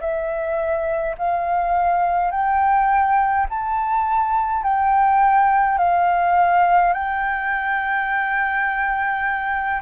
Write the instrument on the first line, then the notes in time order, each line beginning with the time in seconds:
flute
0.00 E5
1.17 F5
2.31 G5
3.49 A5
4.63 G5
5.78 F5
6.93 G5